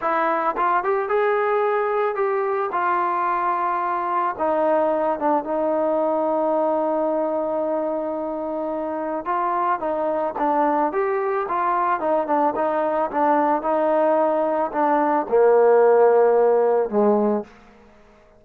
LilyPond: \new Staff \with { instrumentName = "trombone" } { \time 4/4 \tempo 4 = 110 e'4 f'8 g'8 gis'2 | g'4 f'2. | dis'4. d'8 dis'2~ | dis'1~ |
dis'4 f'4 dis'4 d'4 | g'4 f'4 dis'8 d'8 dis'4 | d'4 dis'2 d'4 | ais2. gis4 | }